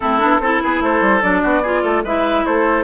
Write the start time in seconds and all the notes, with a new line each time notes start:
0.00 A3 C4 E4 A4
0.19 B3 D4
0.39 C4 E4 A4
0.61 B3 G#4 B4
0.80 A3 A4 C5
1.00 G3
1.21 F#3 D4 D5
1.42 B3 F#4
1.62 F4 G#4
1.82 A3 A4
2.03 G#3 E4 B4 E5
2.45 A3 A4 C5